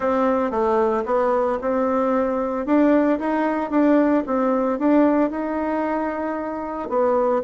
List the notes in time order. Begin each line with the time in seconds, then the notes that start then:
0.00 C4
0.50 A3
1.05 B3
1.61 C4
2.65 D4
3.19 D#4
3.70 D4
4.26 C4
4.78 D4
5.30 D#4
6.89 B3